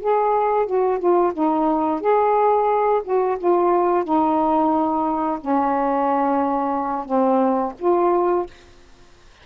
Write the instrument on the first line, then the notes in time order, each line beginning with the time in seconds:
saxophone
0.00 G#4
0.66 F#4
0.99 F4
1.33 D#4
2.01 G#4
3.04 F#4
3.38 F4
4.04 D#4
5.41 C#4
7.05 C4
7.79 F4